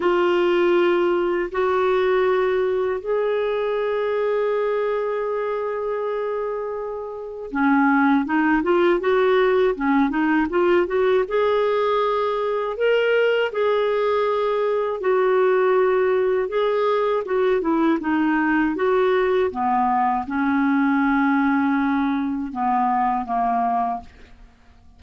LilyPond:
\new Staff \with { instrumentName = "clarinet" } { \time 4/4 \tempo 4 = 80 f'2 fis'2 | gis'1~ | gis'2 cis'4 dis'8 f'8 | fis'4 cis'8 dis'8 f'8 fis'8 gis'4~ |
gis'4 ais'4 gis'2 | fis'2 gis'4 fis'8 e'8 | dis'4 fis'4 b4 cis'4~ | cis'2 b4 ais4 | }